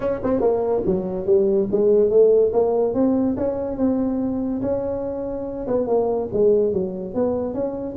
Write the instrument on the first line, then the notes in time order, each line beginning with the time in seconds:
tuba
0.00 C#4
0.23 C4
0.40 A#3
0.86 F#3
1.26 G3
1.71 G#3
2.10 A3
2.52 A#3
2.94 C4
3.37 C#4
3.77 C4
4.61 C#4
5.67 B3
5.87 A#3
6.32 G#3
6.72 F#3
7.14 B3
7.54 C#4